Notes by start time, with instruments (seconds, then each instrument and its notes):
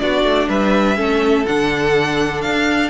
0.00 cello B3, viola D4, violin F#4 D5
0.24 cello A3
0.49 cello G3, violin B4 E5
0.97 cello A3, viola C#4, violin A4
1.46 cello D3, viola D4, violin F#5
2.42 cello D4, violin F5